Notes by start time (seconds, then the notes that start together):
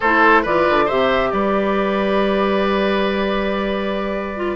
0.00 A3 E4 A4 C5
0.42 E3 F4 B4 D5
0.69 D3
0.85 C3 G4 C5 E5
1.30 G3 B4 D5
4.36 F4